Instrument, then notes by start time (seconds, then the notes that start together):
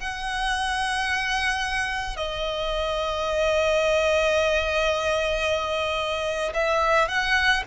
violin
0.00 F#5
2.16 D#5
6.54 E5
7.08 F#5